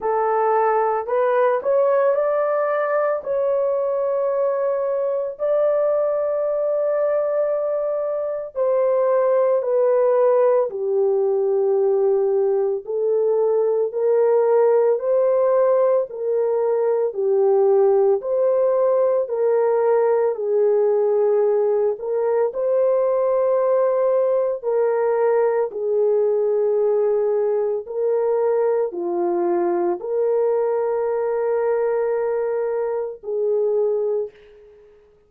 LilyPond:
\new Staff \with { instrumentName = "horn" } { \time 4/4 \tempo 4 = 56 a'4 b'8 cis''8 d''4 cis''4~ | cis''4 d''2. | c''4 b'4 g'2 | a'4 ais'4 c''4 ais'4 |
g'4 c''4 ais'4 gis'4~ | gis'8 ais'8 c''2 ais'4 | gis'2 ais'4 f'4 | ais'2. gis'4 | }